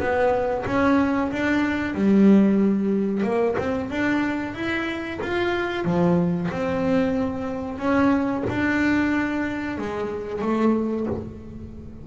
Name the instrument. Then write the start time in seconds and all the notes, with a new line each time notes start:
double bass
0.00 B3
0.66 C#4
1.32 D4
1.95 G3
3.24 A#3
3.59 C4
3.90 D4
4.55 E4
5.22 F4
5.85 F3
6.52 C4
7.79 C#4
8.50 D4
9.78 G#3
10.42 A3